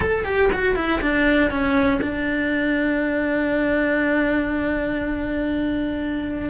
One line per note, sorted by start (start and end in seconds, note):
0.00 0.24 A4
0.25 0.50 G4
0.52 0.75 F#4
0.75 1.00 E4
1.01 1.50 D4
1.50 2.00 C#4
2.01 6.49 D4